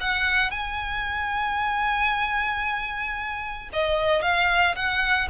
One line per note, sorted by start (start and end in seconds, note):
0.00 0.50 F#5
0.50 3.69 G#5
3.72 4.22 D#5
4.22 4.75 F5
4.75 5.28 F#5